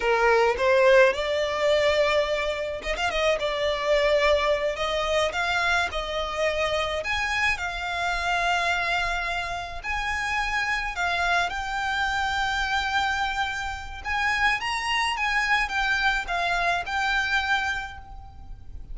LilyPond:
\new Staff \with { instrumentName = "violin" } { \time 4/4 \tempo 4 = 107 ais'4 c''4 d''2~ | d''4 dis''16 f''16 dis''8 d''2~ | d''8 dis''4 f''4 dis''4.~ | dis''8 gis''4 f''2~ f''8~ |
f''4. gis''2 f''8~ | f''8 g''2.~ g''8~ | g''4 gis''4 ais''4 gis''4 | g''4 f''4 g''2 | }